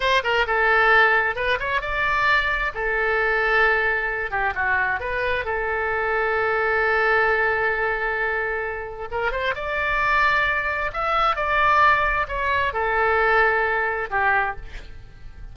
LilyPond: \new Staff \with { instrumentName = "oboe" } { \time 4/4 \tempo 4 = 132 c''8 ais'8 a'2 b'8 cis''8 | d''2 a'2~ | a'4. g'8 fis'4 b'4 | a'1~ |
a'1 | ais'8 c''8 d''2. | e''4 d''2 cis''4 | a'2. g'4 | }